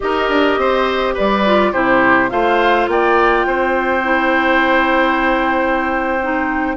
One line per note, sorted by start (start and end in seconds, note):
0.00 0.29 D#4
0.00 1.43 G4
0.00 0.60 A#4
0.00 1.16 D#5
0.29 0.57 D4
0.57 1.15 C4
0.57 1.14 C5
1.14 1.73 G3
1.14 1.71 B4
1.14 1.73 D5
1.45 1.73 F4
1.72 2.31 C3
1.72 2.29 E4
1.72 2.30 G4
1.72 2.30 C5
2.29 2.87 A3
2.29 4.02 F4
2.29 2.89 C5
2.29 2.87 F5
2.87 3.45 A#3
2.87 3.46 D5
2.87 6.76 G5
3.46 6.76 C4
3.46 6.76 C5
4.03 6.19 E4
6.22 6.76 D#4